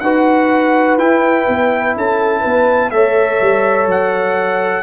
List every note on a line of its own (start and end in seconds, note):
0.00 0.97 D#4
0.00 0.99 F#4
0.00 1.97 B4
0.00 0.97 F#5
0.97 1.46 E4
0.97 2.93 E4
0.97 1.95 G5
1.48 1.96 B3
1.96 2.44 C#4
1.96 2.41 A4
1.96 2.91 A5
2.41 2.91 B3
2.41 2.89 B4
2.91 3.39 A3
2.91 4.83 A4
2.91 4.83 C#5
2.91 3.87 E5
3.41 3.86 G3
3.86 4.83 F#3
3.86 4.83 F#5